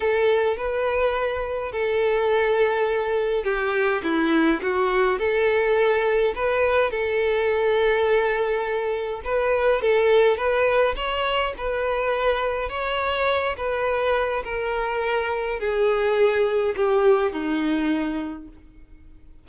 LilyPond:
\new Staff \with { instrumentName = "violin" } { \time 4/4 \tempo 4 = 104 a'4 b'2 a'4~ | a'2 g'4 e'4 | fis'4 a'2 b'4 | a'1 |
b'4 a'4 b'4 cis''4 | b'2 cis''4. b'8~ | b'4 ais'2 gis'4~ | gis'4 g'4 dis'2 | }